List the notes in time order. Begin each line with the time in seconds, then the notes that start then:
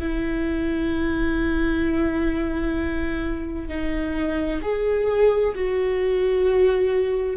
0.00 E4
3.69 D#4
4.62 G#4
5.55 F#4